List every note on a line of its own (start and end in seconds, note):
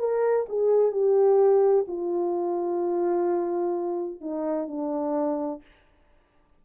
0.00 0.47 A#4
0.49 0.92 G#4
0.92 1.86 G4
1.88 4.21 F4
4.21 4.68 D#4
4.68 5.62 D4